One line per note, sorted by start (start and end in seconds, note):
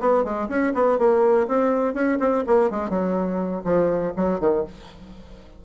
0.00 0.24 B3
0.24 0.49 G#3
0.49 0.73 C#4
0.74 0.98 B3
0.98 1.47 A#3
1.48 1.94 C4
1.94 2.18 C#4
2.20 2.44 C4
2.47 2.71 A#3
2.71 2.90 G#3
2.90 3.63 F#3
3.65 4.13 F3
4.16 4.40 F#3
4.40 4.65 D#3